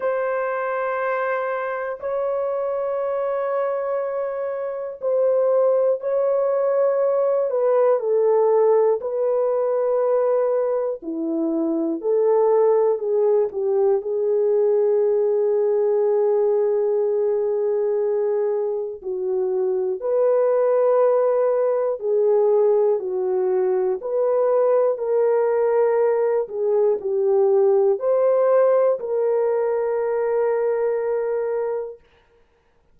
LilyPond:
\new Staff \with { instrumentName = "horn" } { \time 4/4 \tempo 4 = 60 c''2 cis''2~ | cis''4 c''4 cis''4. b'8 | a'4 b'2 e'4 | a'4 gis'8 g'8 gis'2~ |
gis'2. fis'4 | b'2 gis'4 fis'4 | b'4 ais'4. gis'8 g'4 | c''4 ais'2. | }